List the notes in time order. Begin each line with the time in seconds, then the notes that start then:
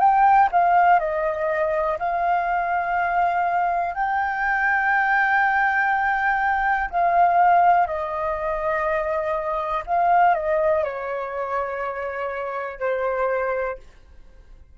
0.00 G5
0.52 F5
1.00 D#5
1.99 F5
3.95 G5
6.90 F5
7.87 D#5
9.86 F5
10.35 D#5
10.84 C#5
12.80 C5